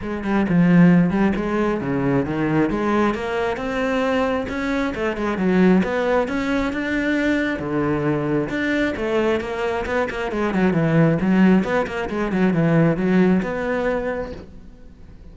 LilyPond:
\new Staff \with { instrumentName = "cello" } { \time 4/4 \tempo 4 = 134 gis8 g8 f4. g8 gis4 | cis4 dis4 gis4 ais4 | c'2 cis'4 a8 gis8 | fis4 b4 cis'4 d'4~ |
d'4 d2 d'4 | a4 ais4 b8 ais8 gis8 fis8 | e4 fis4 b8 ais8 gis8 fis8 | e4 fis4 b2 | }